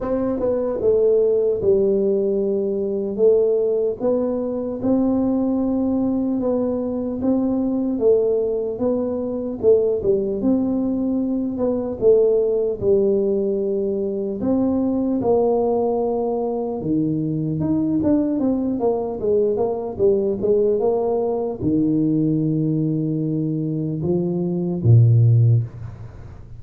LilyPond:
\new Staff \with { instrumentName = "tuba" } { \time 4/4 \tempo 4 = 75 c'8 b8 a4 g2 | a4 b4 c'2 | b4 c'4 a4 b4 | a8 g8 c'4. b8 a4 |
g2 c'4 ais4~ | ais4 dis4 dis'8 d'8 c'8 ais8 | gis8 ais8 g8 gis8 ais4 dis4~ | dis2 f4 ais,4 | }